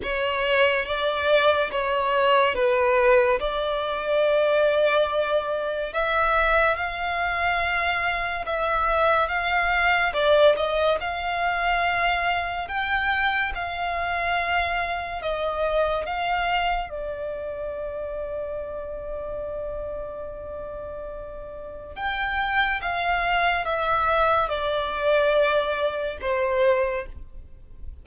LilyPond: \new Staff \with { instrumentName = "violin" } { \time 4/4 \tempo 4 = 71 cis''4 d''4 cis''4 b'4 | d''2. e''4 | f''2 e''4 f''4 | d''8 dis''8 f''2 g''4 |
f''2 dis''4 f''4 | d''1~ | d''2 g''4 f''4 | e''4 d''2 c''4 | }